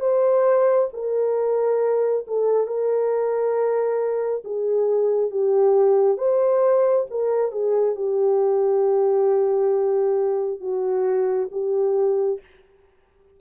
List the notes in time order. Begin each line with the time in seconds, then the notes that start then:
0.00 C5
0.93 A#4
2.27 A4
2.67 A#4
4.44 G#4
5.31 G4
6.18 C5
7.10 A#4
7.51 G#4
7.95 G4
10.60 F#4
11.51 G4